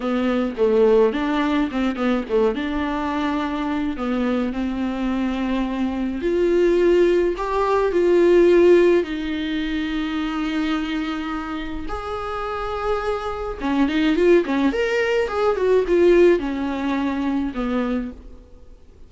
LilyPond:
\new Staff \with { instrumentName = "viola" } { \time 4/4 \tempo 4 = 106 b4 a4 d'4 c'8 b8 | a8 d'2~ d'8 b4 | c'2. f'4~ | f'4 g'4 f'2 |
dis'1~ | dis'4 gis'2. | cis'8 dis'8 f'8 cis'8 ais'4 gis'8 fis'8 | f'4 cis'2 b4 | }